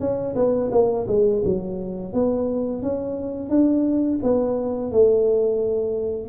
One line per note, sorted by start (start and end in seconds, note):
0.00 0.35 C#4
0.36 0.70 B3
0.71 1.06 A#3
1.08 1.42 G#3
1.44 2.13 F#3
2.13 2.82 B3
2.82 3.49 C#4
3.49 4.19 D4
4.23 4.92 B3
4.92 6.28 A3